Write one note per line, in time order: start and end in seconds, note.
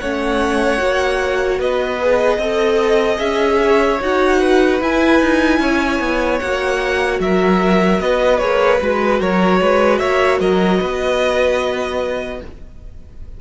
0.00 0.80 A3
0.00 0.79 C#4
0.00 1.59 C#5
0.00 1.60 F#5
0.79 1.59 A#3
0.79 1.99 F#4
1.59 2.38 B3
1.59 2.39 B4
1.59 3.19 D#5
2.01 2.41 G#4
2.38 3.18 C4
2.38 3.17 A4
2.38 3.59 D#5
3.17 4.00 C#4
3.17 3.97 G#4
3.17 3.99 E5
3.63 4.40 C#5
4.01 4.82 D#4
4.01 4.81 F#4
4.01 4.83 F#5
4.40 5.60 B4
4.82 5.21 E4
4.82 6.42 E4
4.82 6.39 G#5
5.21 5.60 D#4
5.60 6.00 C#4
5.60 7.20 C#5
6.00 6.40 B3
6.39 7.20 A#3
6.39 8.40 F#4
6.39 7.19 F#5
7.20 8.00 F#3
7.20 8.02 A#4
7.20 8.00 E5
8.00 8.41 B3
8.00 9.20 B4
8.00 8.38 D#5
8.38 8.81 A#3
8.38 8.80 G#4
8.38 8.79 C#5
8.81 9.21 G#3
8.81 12.41 F#4
8.81 9.22 B4
9.20 9.61 F#3
9.20 9.60 A#4
9.20 9.98 C#5
9.61 10.01 G#3
9.61 10.00 B4
9.98 10.41 A#3
9.98 10.40 C#5
9.98 10.38 E5
10.40 10.81 F#3
10.40 10.79 A#4
10.40 12.41 D#5
10.79 12.41 B3
10.79 12.40 B4